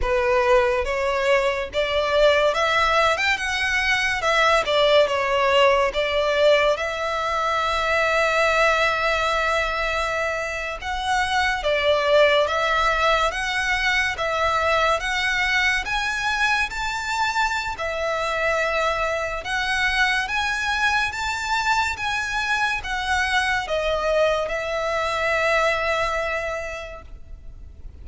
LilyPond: \new Staff \with { instrumentName = "violin" } { \time 4/4 \tempo 4 = 71 b'4 cis''4 d''4 e''8. g''16 | fis''4 e''8 d''8 cis''4 d''4 | e''1~ | e''8. fis''4 d''4 e''4 fis''16~ |
fis''8. e''4 fis''4 gis''4 a''16~ | a''4 e''2 fis''4 | gis''4 a''4 gis''4 fis''4 | dis''4 e''2. | }